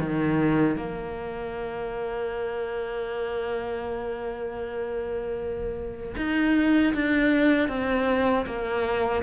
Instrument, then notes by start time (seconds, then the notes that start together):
cello
0.00 D#3
0.77 A#3
6.17 D#4
6.94 D4
7.69 C4
8.46 A#3